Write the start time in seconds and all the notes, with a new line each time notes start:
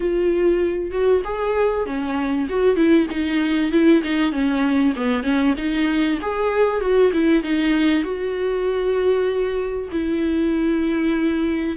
0.00 F4
0.91 F#4
1.24 G#4
1.86 C#4
2.49 F#4
2.76 E4
3.10 D#4
3.71 E4
4.03 D#4
4.32 C#4
4.96 B3
5.23 C#4
5.57 D#4
6.21 G#4
6.80 F#4
7.12 E4
7.43 D#4
8.03 F#4
9.92 E4